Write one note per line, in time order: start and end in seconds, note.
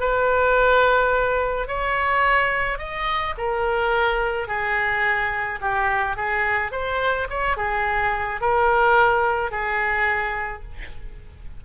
0.00 1.67 B4
1.67 2.78 C#5
2.78 3.34 D#5
3.37 4.48 A#4
4.48 5.60 G#4
5.61 6.16 G4
6.16 6.71 G#4
6.71 7.27 C5
7.30 7.57 C#5
7.57 8.41 G#4
8.41 9.51 A#4
9.51 10.63 G#4